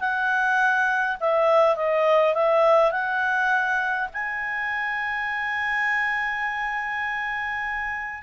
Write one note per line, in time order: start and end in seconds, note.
0.00 1.18 F#5
1.20 1.76 E5
1.76 2.34 D#5
2.34 2.92 E5
2.92 4.09 F#5
4.14 8.23 G#5